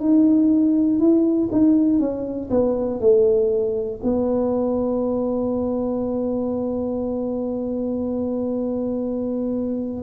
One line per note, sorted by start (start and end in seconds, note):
0.00 1.00 D#4
1.00 1.50 E4
1.52 2.00 D#4
2.00 2.50 C#4
2.50 3.00 B3
3.00 4.00 A3
4.04 10.03 B3